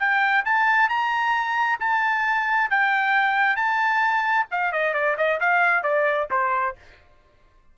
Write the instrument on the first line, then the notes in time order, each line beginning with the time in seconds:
trumpet
0.00 G5
0.46 A5
0.89 A#5
1.80 A5
2.71 G5
3.57 A5
4.51 F5
4.73 D#5
4.94 D5
5.18 D#5
5.41 F5
5.84 D5
6.31 C5